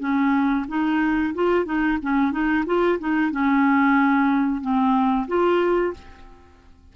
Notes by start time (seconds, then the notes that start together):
0.00 C#4
0.68 D#4
1.35 F4
1.65 D#4
2.02 C#4
2.32 D#4
2.66 F4
2.99 D#4
3.32 C#4
4.61 C4
5.28 F4